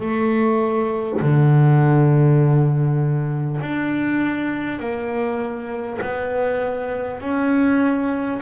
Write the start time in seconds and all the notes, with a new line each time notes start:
0.00 A3
1.21 D3
3.61 D4
4.79 A#3
6.01 B3
7.21 C#4